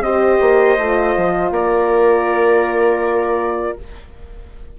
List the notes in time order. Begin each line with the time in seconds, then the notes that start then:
0.00 C4 G4 C5 D#5
0.40 A#3
0.78 A3 F4
1.16 F3
1.51 A#3 A#4 D5